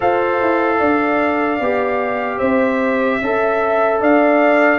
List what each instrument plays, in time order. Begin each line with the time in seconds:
0.00 tuba F4, trombone A4, horn C5, trumpet F5
0.41 tuba E4
0.79 tuba D4, horn D5
1.60 tuba B3, trombone G4
2.37 tuba C4, horn C5, trumpet E5
3.21 tuba C#4, trombone A4, horn E5
4.00 tuba D4, horn D5, trumpet F5